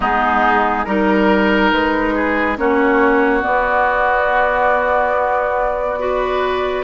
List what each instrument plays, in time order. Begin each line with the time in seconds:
0.00 bassoon G#3, clarinet B3, oboe D#4, flute G#4
0.84 bassoon G3, clarinet D#4, flute A#4, oboe A#4
1.72 bassoon G#3, flute B4
2.14 oboe G#4
2.57 bassoon A#3, clarinet C#4, oboe F#4, flute C#5
3.41 clarinet B3, bassoon B3, flute D5
5.98 clarinet F#4, oboe B4